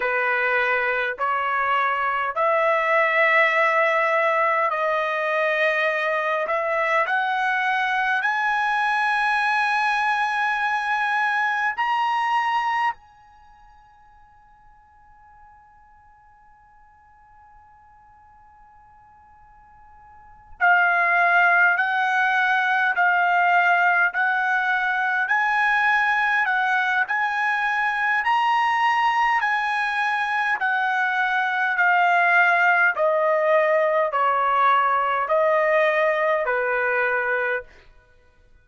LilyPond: \new Staff \with { instrumentName = "trumpet" } { \time 4/4 \tempo 4 = 51 b'4 cis''4 e''2 | dis''4. e''8 fis''4 gis''4~ | gis''2 ais''4 gis''4~ | gis''1~ |
gis''4. f''4 fis''4 f''8~ | f''8 fis''4 gis''4 fis''8 gis''4 | ais''4 gis''4 fis''4 f''4 | dis''4 cis''4 dis''4 b'4 | }